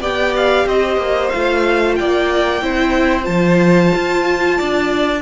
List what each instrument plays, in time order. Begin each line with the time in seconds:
0.00 cello B3, viola G4, violin D5 G5
0.36 violin F5
0.66 cello C4, violin C5 D#5
0.97 cello A#3
1.29 cello A3, viola F4, violin F5
1.95 cello A#3, violin D5 G5
2.61 cello C4, viola E4, violin C5
3.22 cello F3, viola F4, violin A5
3.94 cello F4
4.57 cello D4, violin D5